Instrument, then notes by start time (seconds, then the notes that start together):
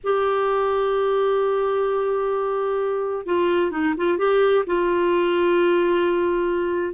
clarinet
0.03 G4
3.26 F4
3.71 D#4
3.97 F4
4.18 G4
4.66 F4